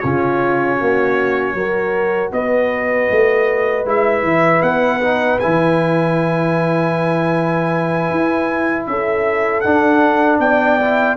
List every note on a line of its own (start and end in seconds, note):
0.00 0.81 C#3
0.00 1.58 C#4
0.00 0.76 F4
0.00 2.31 C#5
0.76 1.54 A#3
0.76 1.53 F#4
1.54 2.31 F#3
1.54 3.86 F#4
1.54 2.33 A#4
2.33 3.09 B3
2.33 8.88 B4
2.33 3.87 D#5
3.10 3.86 A3
3.86 4.23 G#3
3.86 5.01 E4
3.86 4.62 E5
4.23 4.62 E3
4.62 5.39 B3
4.62 5.39 F#5
5.01 5.40 D#4
5.40 8.11 E3
5.40 9.65 E4
5.40 8.86 G#5
8.11 8.87 E4
8.87 9.64 C#4
8.87 10.41 A4
8.87 9.61 E5
9.61 10.39 D4
9.61 10.80 D4
9.61 10.38 F#5
10.39 11.16 B3
10.39 11.17 D5
10.39 11.17 G5
10.81 11.17 E4